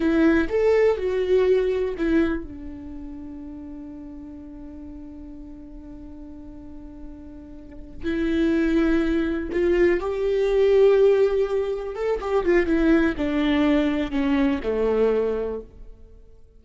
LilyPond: \new Staff \with { instrumentName = "viola" } { \time 4/4 \tempo 4 = 123 e'4 a'4 fis'2 | e'4 d'2.~ | d'1~ | d'1~ |
d'8 e'2. f'8~ | f'8 g'2.~ g'8~ | g'8 a'8 g'8 f'8 e'4 d'4~ | d'4 cis'4 a2 | }